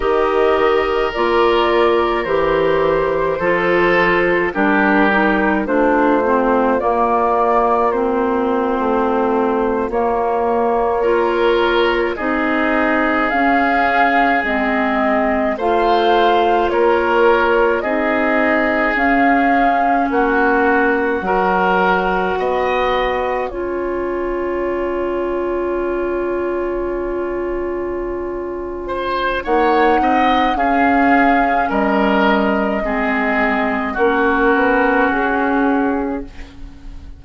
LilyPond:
<<
  \new Staff \with { instrumentName = "flute" } { \time 4/4 \tempo 4 = 53 dis''4 d''4 c''2 | ais'4 c''4 d''4 c''4~ | c''8. cis''2 dis''4 f''16~ | f''8. dis''4 f''4 cis''4 dis''16~ |
dis''8. f''4 fis''2~ fis''16~ | fis''8. gis''2.~ gis''16~ | gis''2 fis''4 f''4 | dis''2 ais'4 gis'4 | }
  \new Staff \with { instrumentName = "oboe" } { \time 4/4 ais'2. a'4 | g'4 f'2.~ | f'4.~ f'16 ais'4 gis'4~ gis'16~ | gis'4.~ gis'16 c''4 ais'4 gis'16~ |
gis'4.~ gis'16 fis'4 ais'4 dis''16~ | dis''8. cis''2.~ cis''16~ | cis''4. c''8 cis''8 dis''8 gis'4 | ais'4 gis'4 fis'2 | }
  \new Staff \with { instrumentName = "clarinet" } { \time 4/4 g'4 f'4 g'4 f'4 | d'8 dis'8 d'8 c'8 ais4 c'4~ | c'8. ais4 f'4 dis'4 cis'16~ | cis'8. c'4 f'2 dis'16~ |
dis'8. cis'2 fis'4~ fis'16~ | fis'8. f'2.~ f'16~ | f'2 dis'4 cis'4~ | cis'4 c'4 cis'2 | }
  \new Staff \with { instrumentName = "bassoon" } { \time 4/4 dis4 ais4 e4 f4 | g4 a4 ais4.~ ais16 a16~ | a8. ais2 c'4 cis'16~ | cis'8. gis4 a4 ais4 c'16~ |
c'8. cis'4 ais4 fis4 b16~ | b8. cis'2.~ cis'16~ | cis'2 ais8 c'8 cis'4 | g4 gis4 ais8 b8 cis'4 | }
>>